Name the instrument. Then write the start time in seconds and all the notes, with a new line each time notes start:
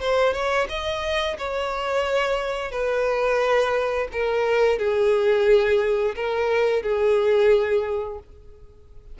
violin
0.00 C5
0.33 C#5
0.69 D#5
1.38 C#5
2.71 B4
4.12 A#4
4.78 G#4
6.15 A#4
6.83 G#4